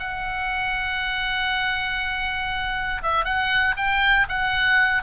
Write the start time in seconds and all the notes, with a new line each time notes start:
0.00 F#5
3.03 E5
3.25 F#5
3.77 G5
4.29 F#5